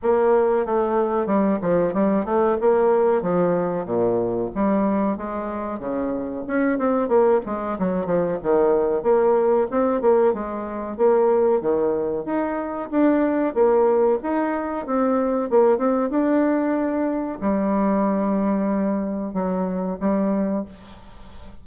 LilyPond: \new Staff \with { instrumentName = "bassoon" } { \time 4/4 \tempo 4 = 93 ais4 a4 g8 f8 g8 a8 | ais4 f4 ais,4 g4 | gis4 cis4 cis'8 c'8 ais8 gis8 | fis8 f8 dis4 ais4 c'8 ais8 |
gis4 ais4 dis4 dis'4 | d'4 ais4 dis'4 c'4 | ais8 c'8 d'2 g4~ | g2 fis4 g4 | }